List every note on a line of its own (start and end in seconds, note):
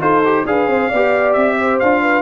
0.00 0.45 D#4
0.00 0.22 F4
0.00 0.45 A4
0.00 0.46 C5
0.25 0.47 G4
0.46 0.67 D4
0.46 0.91 G#4
0.46 0.70 B4
0.46 1.33 F5
0.67 0.89 C4
0.67 0.89 C5
0.89 1.36 B3
0.89 1.55 D5
0.95 1.83 G4
1.33 1.80 C4
1.33 1.78 E5
1.58 2.02 C5
1.79 2.22 D4
1.79 2.22 F4
1.79 2.22 F5
2.02 2.22 B4